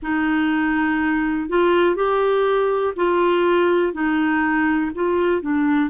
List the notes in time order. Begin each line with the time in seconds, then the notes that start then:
0.02 D#4
1.49 F4
1.95 G4
2.96 F4
3.93 D#4
4.94 F4
5.41 D4